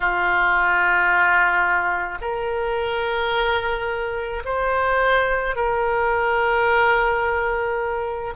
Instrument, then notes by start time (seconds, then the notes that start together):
oboe
0.00 F4
2.21 A#4
4.44 C5
5.56 A#4